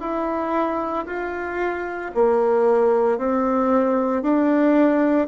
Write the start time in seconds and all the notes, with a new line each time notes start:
0.00 E4
1.06 F4
2.14 A#3
3.18 C4
4.22 D4